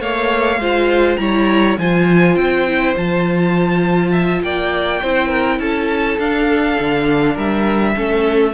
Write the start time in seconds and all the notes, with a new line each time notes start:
0.00 A3 A#3 C#5 F5
0.58 G#3 F4 C5
1.16 G3 E4 C#5 A#5
1.78 F3 F4 C5 G#5
2.36 C4 G5
2.68 E4
2.95 F3 F4 A5
4.12 E5
4.43 A#3 D5 G5
5.02 C4 E4 C5
5.28 A#4
5.59 C#4 A4 A5
6.19 D4 F5
6.80 D3
7.34 G3 A#4 E5
7.96 A3 C#4 A4